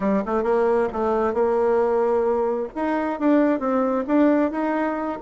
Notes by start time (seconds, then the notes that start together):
0.00 G3
0.25 A3
0.43 A#3
0.92 A3
1.33 A#3
2.75 D#4
3.19 D4
3.59 C4
4.07 D4
4.51 D#4